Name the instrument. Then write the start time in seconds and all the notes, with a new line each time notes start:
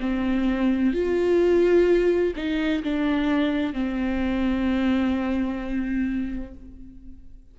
viola
0.00 C4
0.93 F4
2.36 D#4
2.83 D4
3.73 C4